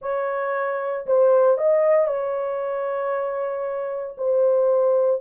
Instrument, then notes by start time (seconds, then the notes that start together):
horn
0.01 C#5
1.06 C5
1.57 D#5
2.07 C#5
4.17 C5